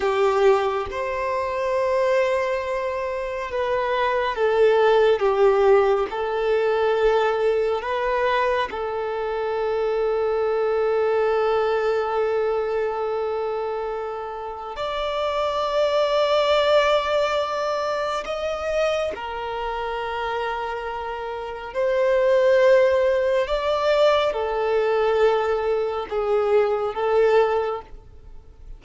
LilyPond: \new Staff \with { instrumentName = "violin" } { \time 4/4 \tempo 4 = 69 g'4 c''2. | b'4 a'4 g'4 a'4~ | a'4 b'4 a'2~ | a'1~ |
a'4 d''2.~ | d''4 dis''4 ais'2~ | ais'4 c''2 d''4 | a'2 gis'4 a'4 | }